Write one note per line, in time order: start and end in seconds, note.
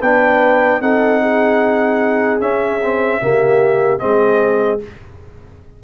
0.00 0.81 B3
0.00 0.82 D4
0.00 0.80 B4
0.00 0.81 G5
0.81 2.41 C4
0.81 2.40 D#4
0.81 1.22 A4
0.81 2.41 F#5
1.22 3.22 G#4
2.40 2.80 C#4
2.40 3.21 C#4
2.40 3.99 E5
2.83 3.21 C4
3.21 4.02 C#3
3.21 3.99 A#3
3.21 4.02 G4
3.99 4.83 G#3
3.99 4.79 C4
3.99 4.82 G#4
3.99 4.79 D#5